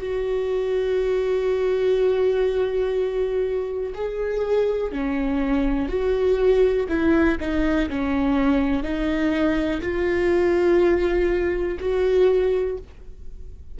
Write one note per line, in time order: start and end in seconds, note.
0.00 3.93 F#4
3.95 4.92 G#4
4.92 5.89 C#4
5.89 6.87 F#4
6.89 7.38 E4
7.40 7.90 D#4
7.90 8.83 C#4
8.83 9.81 D#4
9.81 11.78 F4
11.80 12.78 F#4